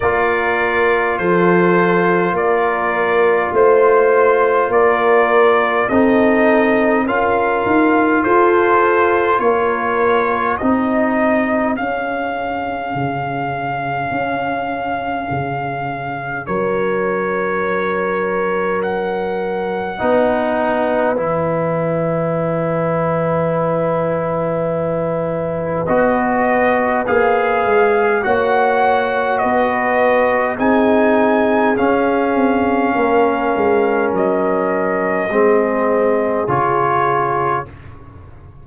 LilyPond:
<<
  \new Staff \with { instrumentName = "trumpet" } { \time 4/4 \tempo 4 = 51 d''4 c''4 d''4 c''4 | d''4 dis''4 f''4 c''4 | cis''4 dis''4 f''2~ | f''2 cis''2 |
fis''2 gis''2~ | gis''2 dis''4 f''4 | fis''4 dis''4 gis''4 f''4~ | f''4 dis''2 cis''4 | }
  \new Staff \with { instrumentName = "horn" } { \time 4/4 ais'4 a'4 ais'4 c''4 | ais'4 a'4 ais'4 a'4 | ais'4 gis'2.~ | gis'2 ais'2~ |
ais'4 b'2.~ | b'1 | cis''4 b'4 gis'2 | ais'2 gis'2 | }
  \new Staff \with { instrumentName = "trombone" } { \time 4/4 f'1~ | f'4 dis'4 f'2~ | f'4 dis'4 cis'2~ | cis'1~ |
cis'4 dis'4 e'2~ | e'2 fis'4 gis'4 | fis'2 dis'4 cis'4~ | cis'2 c'4 f'4 | }
  \new Staff \with { instrumentName = "tuba" } { \time 4/4 ais4 f4 ais4 a4 | ais4 c'4 cis'8 dis'8 f'4 | ais4 c'4 cis'4 cis4 | cis'4 cis4 fis2~ |
fis4 b4 e2~ | e2 b4 ais8 gis8 | ais4 b4 c'4 cis'8 c'8 | ais8 gis8 fis4 gis4 cis4 | }
>>